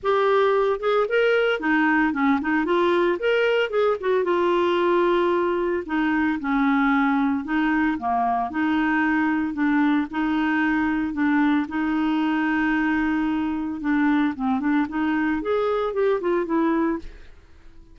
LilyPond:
\new Staff \with { instrumentName = "clarinet" } { \time 4/4 \tempo 4 = 113 g'4. gis'8 ais'4 dis'4 | cis'8 dis'8 f'4 ais'4 gis'8 fis'8 | f'2. dis'4 | cis'2 dis'4 ais4 |
dis'2 d'4 dis'4~ | dis'4 d'4 dis'2~ | dis'2 d'4 c'8 d'8 | dis'4 gis'4 g'8 f'8 e'4 | }